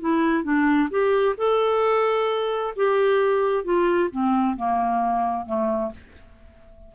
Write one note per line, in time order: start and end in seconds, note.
0.00 0.43 E4
0.43 0.89 D4
0.90 1.35 G4
1.37 2.74 A4
2.76 3.64 G4
3.64 4.10 F4
4.10 4.56 C4
4.56 5.46 A#3
5.46 5.91 A3